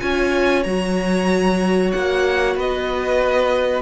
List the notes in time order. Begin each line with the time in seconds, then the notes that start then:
0.00 C#4 F4 C#5 G#5
0.63 F#3 F#4 A#5
1.92 A#3 F#5
2.55 B3 B4 D#5